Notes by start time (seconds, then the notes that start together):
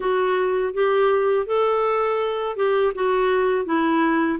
0.00 F#4
0.73 G4
1.46 A4
2.56 G4
2.95 F#4
3.65 E4